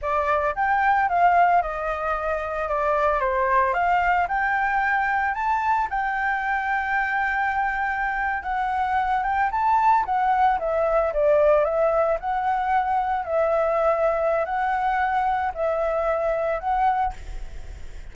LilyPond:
\new Staff \with { instrumentName = "flute" } { \time 4/4 \tempo 4 = 112 d''4 g''4 f''4 dis''4~ | dis''4 d''4 c''4 f''4 | g''2 a''4 g''4~ | g''2.~ g''8. fis''16~ |
fis''4~ fis''16 g''8 a''4 fis''4 e''16~ | e''8. d''4 e''4 fis''4~ fis''16~ | fis''8. e''2~ e''16 fis''4~ | fis''4 e''2 fis''4 | }